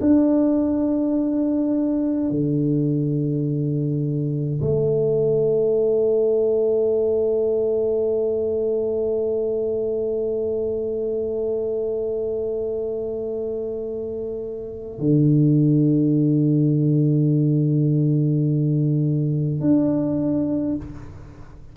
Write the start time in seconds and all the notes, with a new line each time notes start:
0.00 D4
2.30 D3
4.61 A3
14.99 D3
19.60 D4